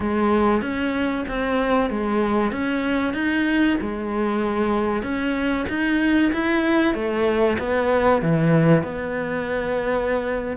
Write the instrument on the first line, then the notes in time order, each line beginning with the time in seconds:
cello
0.00 G#3
0.61 C#4
1.28 C4
1.90 G#3
2.51 C#4
3.13 D#4
3.81 G#3
5.02 C#4
5.68 D#4
6.32 E4
6.94 A3
7.58 B3
8.22 E3
8.82 B3